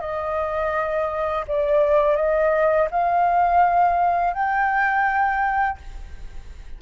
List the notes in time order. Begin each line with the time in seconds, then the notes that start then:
0.00 D#5
1.47 D5
2.16 D#5
2.90 F5
4.33 G5